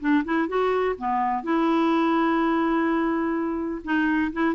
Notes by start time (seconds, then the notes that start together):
0.00 D4
0.24 E4
0.48 F#4
0.98 B3
1.44 E4
3.84 D#4
4.32 E4